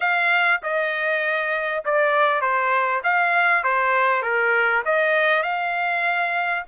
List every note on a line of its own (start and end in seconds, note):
0.00 0.61 F5
0.62 1.83 D#5
1.84 2.41 D5
2.41 3.01 C5
3.03 3.63 F5
3.63 4.22 C5
4.22 4.83 A#4
4.85 5.42 D#5
5.42 6.64 F5